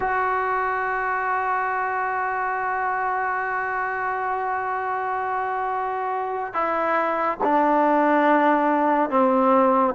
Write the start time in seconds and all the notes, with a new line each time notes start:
0.00 F#4
6.53 E4
7.43 D4
9.10 C4